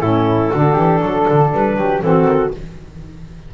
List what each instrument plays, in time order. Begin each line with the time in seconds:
0.00 double bass A2, saxophone C#4, flute E4, clarinet A4
0.51 double bass D3, saxophone D4, flute F#4
0.74 double bass E3, flute G4
1.01 double bass F#3, flute A4
1.29 double bass D3
1.53 double bass G3, clarinet B4
1.77 double bass F#3, flute G4
2.01 double bass E3, saxophone C4, flute F#4, clarinet A4
2.25 double bass D#3